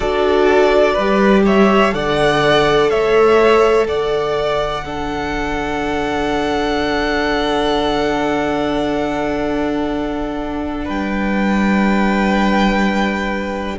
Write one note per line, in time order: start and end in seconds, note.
0.00 0.96 D4
0.00 0.96 F#4
0.00 0.93 A4
0.00 1.43 D5
0.93 1.93 G3
0.93 1.42 B4
0.99 1.92 G4
1.45 1.93 C#5
1.45 1.94 E5
1.92 2.90 D3
1.92 4.82 A4
1.92 2.90 D5
1.92 2.89 F#5
2.89 3.85 A3
2.89 3.87 C#5
2.89 3.86 E5
3.85 10.87 D3
3.85 4.84 D5
3.85 10.87 F#5
4.84 13.78 D4
4.84 10.84 A4
10.84 13.78 G3
10.84 13.75 B4
10.84 13.78 G5